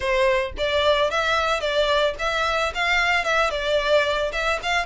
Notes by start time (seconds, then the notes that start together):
0.00 C5
0.57 D5
1.10 E5
1.60 D5
2.18 E5
2.74 F5
3.24 E5
3.50 D5
4.32 E5
4.62 F5